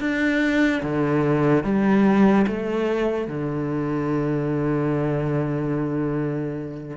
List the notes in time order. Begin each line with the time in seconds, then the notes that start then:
0.00 D4
0.83 D3
1.64 G3
2.47 A3
3.28 D3